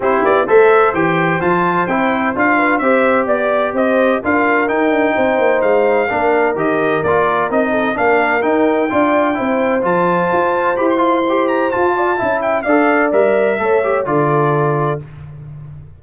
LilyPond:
<<
  \new Staff \with { instrumentName = "trumpet" } { \time 4/4 \tempo 4 = 128 c''8 d''8 e''4 g''4 a''4 | g''4 f''4 e''4 d''4 | dis''4 f''4 g''2 | f''2 dis''4 d''4 |
dis''4 f''4 g''2~ | g''4 a''2 b''16 c'''8.~ | c'''8 ais''8 a''4. g''8 f''4 | e''2 d''2 | }
  \new Staff \with { instrumentName = "horn" } { \time 4/4 g'4 c''2.~ | c''4. b'8 c''4 d''4 | c''4 ais'2 c''4~ | c''4 ais'2.~ |
ais'8 a'8 ais'2 d''4 | c''1~ | c''4. d''8 e''4 d''4~ | d''4 cis''4 a'2 | }
  \new Staff \with { instrumentName = "trombone" } { \time 4/4 e'4 a'4 g'4 f'4 | e'4 f'4 g'2~ | g'4 f'4 dis'2~ | dis'4 d'4 g'4 f'4 |
dis'4 d'4 dis'4 f'4 | e'4 f'2 g'8 f'8 | g'4 f'4 e'4 a'4 | ais'4 a'8 g'8 f'2 | }
  \new Staff \with { instrumentName = "tuba" } { \time 4/4 c'8 b8 a4 e4 f4 | c'4 d'4 c'4 b4 | c'4 d'4 dis'8 d'8 c'8 ais8 | gis4 ais4 dis4 ais4 |
c'4 ais4 dis'4 d'4 | c'4 f4 f'4 e'4~ | e'4 f'4 cis'4 d'4 | g4 a4 d2 | }
>>